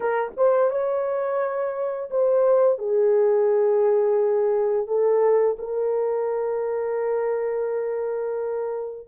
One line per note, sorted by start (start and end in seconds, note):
0.00 0.30 A#4
0.36 0.70 C5
0.70 2.10 C#5
2.10 2.78 C5
2.78 4.87 G#4
4.87 5.57 A4
5.58 9.07 A#4